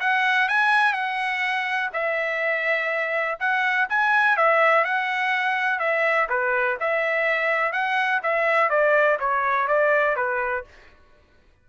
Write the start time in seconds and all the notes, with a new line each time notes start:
0.00 F#5
0.49 G#5
0.93 F#5
1.93 E5
3.40 F#5
3.89 G#5
4.37 E5
4.85 F#5
5.79 E5
6.29 B4
6.80 E5
7.73 F#5
8.23 E5
8.70 D5
9.20 C#5
9.68 D5
10.16 B4